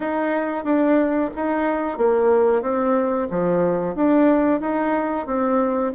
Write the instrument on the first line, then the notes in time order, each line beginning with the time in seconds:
bassoon
0.00 D#4
0.64 D4
1.35 D#4
1.97 A#3
2.61 C4
3.30 F3
3.95 D4
4.60 D#4
5.26 C4